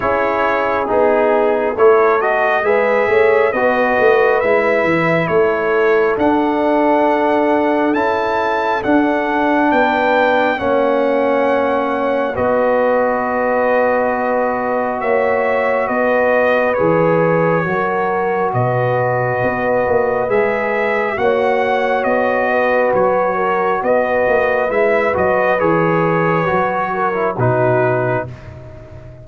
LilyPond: <<
  \new Staff \with { instrumentName = "trumpet" } { \time 4/4 \tempo 4 = 68 cis''4 gis'4 cis''8 dis''8 e''4 | dis''4 e''4 cis''4 fis''4~ | fis''4 a''4 fis''4 g''4 | fis''2 dis''2~ |
dis''4 e''4 dis''4 cis''4~ | cis''4 dis''2 e''4 | fis''4 dis''4 cis''4 dis''4 | e''8 dis''8 cis''2 b'4 | }
  \new Staff \with { instrumentName = "horn" } { \time 4/4 gis'2 a'4 b'8 cis''8 | b'2 a'2~ | a'2. b'4 | cis''2 b'2~ |
b'4 cis''4 b'2 | ais'4 b'2. | cis''4. b'4 ais'8 b'4~ | b'2~ b'8 ais'8 fis'4 | }
  \new Staff \with { instrumentName = "trombone" } { \time 4/4 e'4 dis'4 e'8 fis'8 gis'4 | fis'4 e'2 d'4~ | d'4 e'4 d'2 | cis'2 fis'2~ |
fis'2. gis'4 | fis'2. gis'4 | fis'1 | e'8 fis'8 gis'4 fis'8. e'16 dis'4 | }
  \new Staff \with { instrumentName = "tuba" } { \time 4/4 cis'4 b4 a4 gis8 a8 | b8 a8 gis8 e8 a4 d'4~ | d'4 cis'4 d'4 b4 | ais2 b2~ |
b4 ais4 b4 e4 | fis4 b,4 b8 ais8 gis4 | ais4 b4 fis4 b8 ais8 | gis8 fis8 e4 fis4 b,4 | }
>>